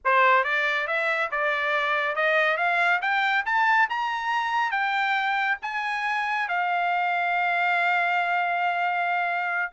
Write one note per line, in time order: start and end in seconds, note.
0.04 0.44 C5
0.44 0.87 D5
0.87 1.30 E5
1.31 2.15 D5
2.15 2.57 D#5
2.57 3.00 F5
3.01 3.45 G5
3.45 3.88 A5
3.89 4.71 A#5
4.71 5.57 G5
5.62 6.48 G#5
6.48 9.72 F5